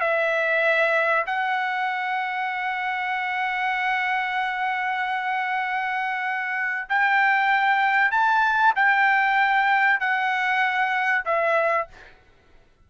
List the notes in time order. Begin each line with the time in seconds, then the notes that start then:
0.00 E5
1.26 F#5
6.89 G5
8.11 A5
8.75 G5
9.99 F#5
11.25 E5